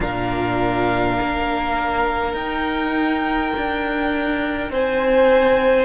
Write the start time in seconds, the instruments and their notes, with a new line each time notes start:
0.00 cello A#2, viola D4, violin A#4 F5
1.21 cello A#3
2.33 cello D#4, viola D#4, violin G5
3.56 cello D4
4.70 cello C4, violin C5 G#5